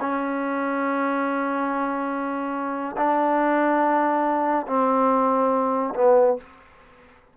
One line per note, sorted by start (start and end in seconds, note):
0.00 2.96 C#4
2.97 4.66 D4
4.67 5.93 C4
5.95 6.37 B3